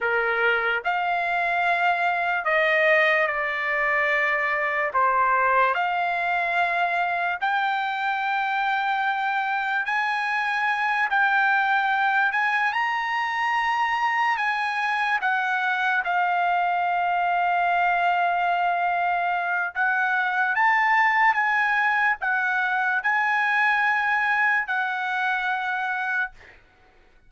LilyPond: \new Staff \with { instrumentName = "trumpet" } { \time 4/4 \tempo 4 = 73 ais'4 f''2 dis''4 | d''2 c''4 f''4~ | f''4 g''2. | gis''4. g''4. gis''8 ais''8~ |
ais''4. gis''4 fis''4 f''8~ | f''1 | fis''4 a''4 gis''4 fis''4 | gis''2 fis''2 | }